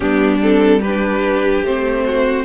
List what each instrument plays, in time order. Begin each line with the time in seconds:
0.00 cello G3, viola B3, violin D4 G4
0.41 viola C4, violin A4
0.80 viola D4, violin G4 B4
1.62 cello A3, viola C4, violin C5
2.05 violin F#4